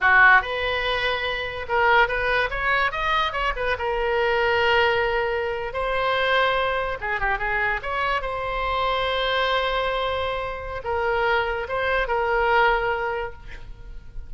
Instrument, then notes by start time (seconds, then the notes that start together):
oboe
0.00 F#4
0.41 B4
1.68 A#4
2.07 B4
2.50 C#5
2.91 D#5
3.32 C#5
3.56 B4
3.78 A#4
5.73 C5
7.00 G#4
7.20 G4
7.38 G#4
7.82 C#5
8.21 C5
10.83 A#4
11.68 C5
12.07 A#4